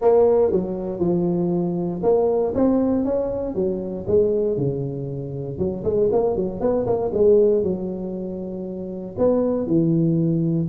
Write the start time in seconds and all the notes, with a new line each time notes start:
0.01 A#3
0.51 F#3
0.99 F3
2.02 A#3
2.54 C4
3.05 C#4
3.54 F#3
4.07 G#3
4.57 C#3
5.58 F#3
5.84 G#3
6.12 A#3
6.36 F#3
6.60 B3
6.86 A#3
7.13 G#3
7.63 F#3
9.18 B3
9.66 E3